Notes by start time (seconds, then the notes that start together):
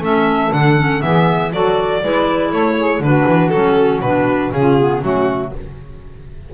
0.00 A3 C#4 A4 E5
0.51 D3 D4 F#5
0.76 C#4
1.01 E3 B3 G#4 E5
1.52 F#3 F#4 A4 D5
2.02 G#3 E4 B4
2.50 A3 A4 C#5
2.77 G#4
2.99 D3 D4 F#4 B4
3.27 E3
3.49 F#3 C#4 A4
4.01 B2 D4 B4
4.51 C#3 C#4 F4 G#4
4.79 B3
5.01 F#3 A3 C#4 F#4